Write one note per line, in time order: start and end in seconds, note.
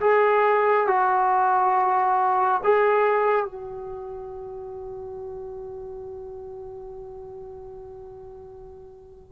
0.00 0.87 G#4
0.87 2.60 F#4
2.64 3.45 G#4
3.45 9.32 F#4